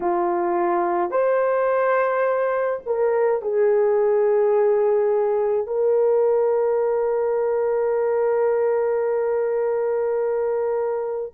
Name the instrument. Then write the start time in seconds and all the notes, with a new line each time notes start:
horn
0.00 F4
1.10 C5
2.86 A#4
3.42 G#4
5.67 A#4